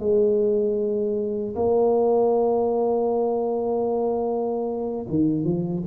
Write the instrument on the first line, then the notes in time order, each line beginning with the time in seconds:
tuba
0.00 G#3
1.56 A#3
5.09 D#3
5.45 F3